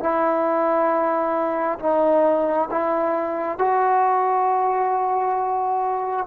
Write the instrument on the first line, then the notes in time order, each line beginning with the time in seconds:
trombone
0.00 E4
1.80 D#4
2.71 E4
3.59 F#4